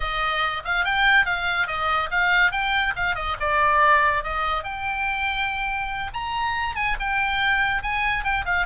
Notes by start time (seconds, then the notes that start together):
0.00 D#5
0.64 F5
0.85 G5
1.25 F5
1.67 D#5
2.10 F5
2.51 G5
2.95 F5
3.15 D#5
3.40 D5
4.23 D#5
4.63 G5
6.13 A#5
6.75 G#5
6.99 G5
7.82 G#5
8.23 G5
8.45 F5